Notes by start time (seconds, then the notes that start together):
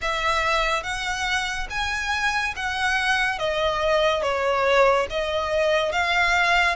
0.01 E5
0.83 F#5
1.69 G#5
2.56 F#5
3.38 D#5
4.22 C#5
5.09 D#5
5.92 F5